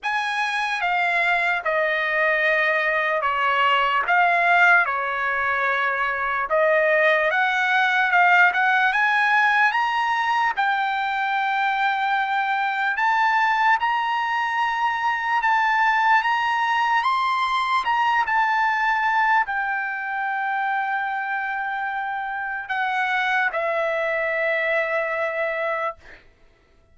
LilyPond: \new Staff \with { instrumentName = "trumpet" } { \time 4/4 \tempo 4 = 74 gis''4 f''4 dis''2 | cis''4 f''4 cis''2 | dis''4 fis''4 f''8 fis''8 gis''4 | ais''4 g''2. |
a''4 ais''2 a''4 | ais''4 c'''4 ais''8 a''4. | g''1 | fis''4 e''2. | }